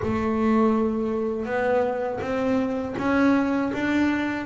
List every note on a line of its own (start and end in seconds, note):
0.02 1.45 A3
1.45 2.19 B3
2.21 2.95 C4
2.98 3.72 C#4
3.73 4.45 D4